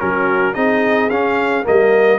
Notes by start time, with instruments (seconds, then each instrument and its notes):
0.00 tuba F#3, trombone C#4, horn F#4, trumpet A#4
0.55 tuba C4, trombone D#4, horn G#4, trumpet D#5
1.10 tuba C#4, trombone C#4, trumpet F5
1.64 tuba G3, trombone A#3, horn A#4, trumpet D#5